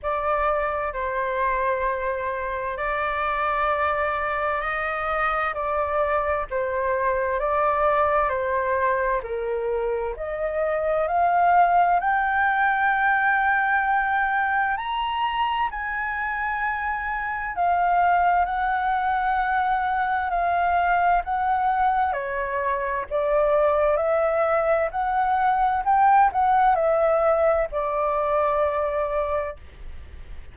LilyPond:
\new Staff \with { instrumentName = "flute" } { \time 4/4 \tempo 4 = 65 d''4 c''2 d''4~ | d''4 dis''4 d''4 c''4 | d''4 c''4 ais'4 dis''4 | f''4 g''2. |
ais''4 gis''2 f''4 | fis''2 f''4 fis''4 | cis''4 d''4 e''4 fis''4 | g''8 fis''8 e''4 d''2 | }